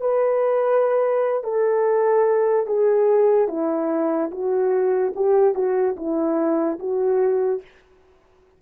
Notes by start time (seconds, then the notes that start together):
0.00 B4
1.43 A4
2.66 G#4
3.48 E4
4.31 F#4
5.15 G4
5.54 F#4
5.96 E4
6.79 F#4